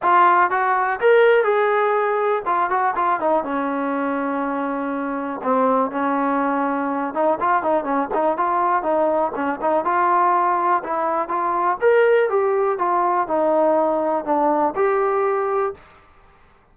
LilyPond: \new Staff \with { instrumentName = "trombone" } { \time 4/4 \tempo 4 = 122 f'4 fis'4 ais'4 gis'4~ | gis'4 f'8 fis'8 f'8 dis'8 cis'4~ | cis'2. c'4 | cis'2~ cis'8 dis'8 f'8 dis'8 |
cis'8 dis'8 f'4 dis'4 cis'8 dis'8 | f'2 e'4 f'4 | ais'4 g'4 f'4 dis'4~ | dis'4 d'4 g'2 | }